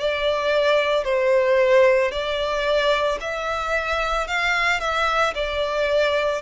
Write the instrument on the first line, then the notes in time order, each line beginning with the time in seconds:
violin
0.00 D5
1.05 C5
2.12 D5
3.21 E5
4.28 F5
4.81 E5
5.35 D5